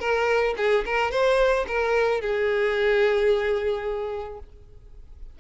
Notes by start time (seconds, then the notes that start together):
0.00 A#4
0.57 G#4
0.85 A#4
1.11 C5
1.68 A#4
2.21 G#4